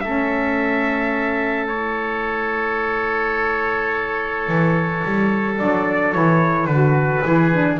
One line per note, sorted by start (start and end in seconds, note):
0.00 4.47 A3
0.00 1.70 C#4
0.00 7.25 A4
0.00 1.67 E5
1.67 5.57 E4
1.67 5.56 C#5
4.47 5.03 E3
5.04 5.60 G3
5.57 6.15 F#3
5.57 6.13 D4
5.57 6.13 D5
6.13 6.66 E3
6.13 6.69 E4
6.13 6.66 C#5
6.66 7.22 D3
6.66 7.24 F#4
6.66 7.77 B4
7.24 7.80 E3
7.24 7.52 E4
7.24 7.80 G#4
7.53 7.80 D4